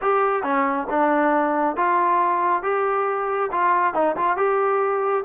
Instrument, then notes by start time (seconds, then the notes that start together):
trombone
0.01 G4
0.43 C#4
0.90 D4
1.76 F4
2.62 G4
3.51 F4
3.94 D#4
4.16 F4
4.36 G4